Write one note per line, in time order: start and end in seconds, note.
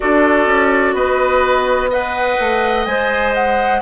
0.00 0.45 D4
0.00 1.90 F#4
0.00 0.95 A4
0.00 0.94 D5
0.45 0.93 C#4
0.93 2.36 B3
0.93 1.90 B4
0.93 1.89 D#5
1.90 2.86 B4
1.90 3.80 D#5
1.90 2.85 F#5
2.39 2.86 A3
2.85 3.81 G#3
2.85 3.82 C5
2.85 3.33 G#5
3.34 3.82 F#5